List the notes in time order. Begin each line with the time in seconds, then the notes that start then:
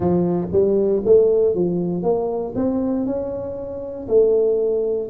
0.00 F3
0.51 G3
1.05 A3
1.54 F3
2.02 A#3
2.55 C4
3.06 C#4
4.07 A3